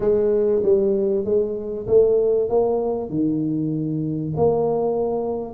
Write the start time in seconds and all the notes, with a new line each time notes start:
0.00 G#3
0.62 G3
1.25 G#3
1.87 A3
2.49 A#3
3.09 D#3
4.36 A#3